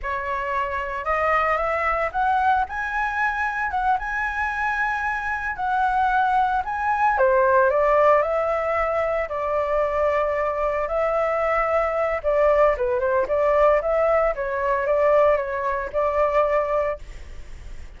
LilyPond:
\new Staff \with { instrumentName = "flute" } { \time 4/4 \tempo 4 = 113 cis''2 dis''4 e''4 | fis''4 gis''2 fis''8 gis''8~ | gis''2~ gis''8 fis''4.~ | fis''8 gis''4 c''4 d''4 e''8~ |
e''4. d''2~ d''8~ | d''8 e''2~ e''8 d''4 | b'8 c''8 d''4 e''4 cis''4 | d''4 cis''4 d''2 | }